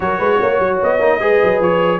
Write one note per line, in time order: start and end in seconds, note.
0.00 0.19 F#3
0.00 1.00 F#4
0.00 0.18 A#4
0.00 0.79 C#5
0.18 0.39 G#3
0.18 0.38 B4
0.40 0.59 A#3
0.40 1.20 C#5
0.59 0.79 F#3
0.82 0.99 B3
0.82 1.62 D#5
0.99 1.19 A#3
0.99 1.20 D#4
1.20 1.40 G#3
1.20 1.99 G#4
1.20 1.99 B4
1.43 1.60 F#3
1.60 1.99 F3
1.60 1.99 C#5